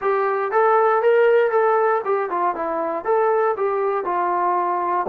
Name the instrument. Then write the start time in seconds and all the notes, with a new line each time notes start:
trombone
0.01 G4
0.51 A4
1.02 A#4
1.50 A4
2.05 G4
2.30 F4
2.55 E4
3.04 A4
3.56 G4
4.04 F4